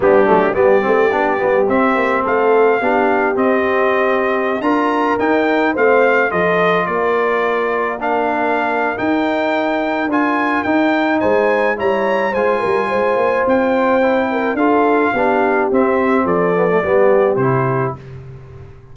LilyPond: <<
  \new Staff \with { instrumentName = "trumpet" } { \time 4/4 \tempo 4 = 107 g'4 d''2 e''4 | f''2 dis''2~ | dis''16 ais''4 g''4 f''4 dis''8.~ | dis''16 d''2 f''4.~ f''16 |
g''2 gis''4 g''4 | gis''4 ais''4 gis''2 | g''2 f''2 | e''4 d''2 c''4 | }
  \new Staff \with { instrumentName = "horn" } { \time 4/4 d'4 g'2. | a'4 g'2.~ | g'16 ais'2 c''4 a'8.~ | a'16 ais'2.~ ais'8.~ |
ais'1 | c''4 cis''4 c''8 ais'8 c''4~ | c''4. ais'8 a'4 g'4~ | g'4 a'4 g'2 | }
  \new Staff \with { instrumentName = "trombone" } { \time 4/4 b8 a8 b8 c'8 d'8 b8 c'4~ | c'4 d'4 c'2~ | c'16 f'4 dis'4 c'4 f'8.~ | f'2~ f'16 d'4.~ d'16 |
dis'2 f'4 dis'4~ | dis'4 e'4 f'2~ | f'4 e'4 f'4 d'4 | c'4. b16 a16 b4 e'4 | }
  \new Staff \with { instrumentName = "tuba" } { \time 4/4 g8 fis8 g8 a8 b8 g8 c'8 ais8 | a4 b4 c'2~ | c'16 d'4 dis'4 a4 f8.~ | f16 ais2.~ ais8. |
dis'2 d'4 dis'4 | gis4 g4 gis8 g8 gis8 ais8 | c'2 d'4 b4 | c'4 f4 g4 c4 | }
>>